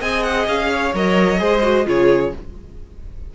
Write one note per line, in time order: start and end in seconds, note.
0.00 0.47 C4
0.00 0.93 G#4
0.00 0.69 D#5
0.00 0.23 G#5
0.23 0.46 F#5
0.47 0.93 C#4
0.47 0.94 F5
0.72 1.40 C#5
0.94 1.40 F#3
0.94 1.38 A#4
0.94 1.88 D#5
1.38 1.86 G#3
1.38 1.61 G#4
1.38 1.86 C5
1.62 1.85 F#4
1.85 2.32 C#3
1.85 2.31 F4
1.85 2.33 G#4
1.85 2.35 C#5